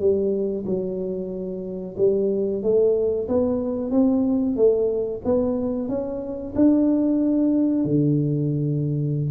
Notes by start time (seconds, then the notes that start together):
0.00 G3
0.66 F#3
1.97 G3
2.63 A3
3.28 B3
3.91 C4
4.56 A3
5.25 B3
5.89 C#4
6.55 D4
7.85 D3